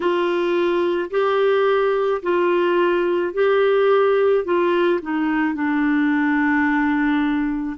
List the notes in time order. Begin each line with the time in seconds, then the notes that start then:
0.00 F4
1.10 G4
2.22 F4
3.33 G4
4.44 F4
5.02 D#4
5.54 D4